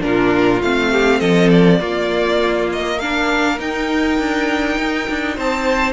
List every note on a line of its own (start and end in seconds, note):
0.00 0.62 A#2
0.00 0.59 D4
0.00 0.91 F4
0.00 0.62 A#4
0.62 1.21 A3
0.62 1.81 C4
0.62 1.19 F5
0.91 1.19 G4
1.19 1.80 F3
1.19 1.79 A4
1.19 1.49 D#5
1.50 2.69 D5
1.79 3.59 A#3
1.79 3.00 A#3
1.79 2.98 F4
2.72 2.99 D#5
2.99 3.58 D4
2.99 5.36 A#4
2.99 3.58 F5
3.58 5.92 D#4
3.58 4.18 D#4
3.58 5.38 G5
4.18 4.78 D4
4.78 5.08 D#4
5.09 5.38 D4
5.36 5.92 C4
5.36 5.92 C5
5.36 5.92 A5